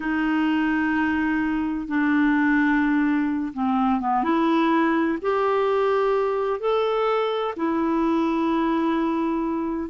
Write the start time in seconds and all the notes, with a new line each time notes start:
0.00 D#4
1.87 D4
3.53 C4
4.00 B3
4.23 E4
5.21 G4
6.59 A4
7.56 E4